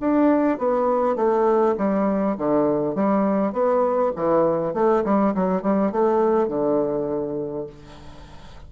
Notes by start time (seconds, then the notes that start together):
0.00 D4
0.58 B3
1.16 A3
1.77 G3
2.37 D3
2.95 G3
3.52 B3
4.16 E3
4.74 A3
5.04 G3
5.34 F#3
5.62 G3
5.92 A3
6.48 D3